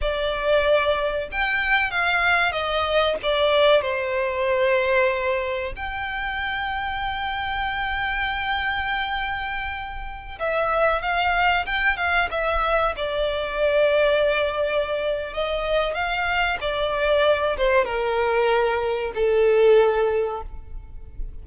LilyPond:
\new Staff \with { instrumentName = "violin" } { \time 4/4 \tempo 4 = 94 d''2 g''4 f''4 | dis''4 d''4 c''2~ | c''4 g''2.~ | g''1~ |
g''16 e''4 f''4 g''8 f''8 e''8.~ | e''16 d''2.~ d''8. | dis''4 f''4 d''4. c''8 | ais'2 a'2 | }